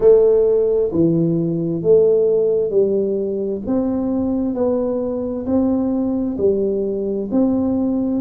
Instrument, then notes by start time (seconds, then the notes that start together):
tuba
0.00 A3
0.92 E3
1.82 A3
2.70 G3
3.66 C4
4.54 B3
5.45 C4
6.37 G3
7.31 C4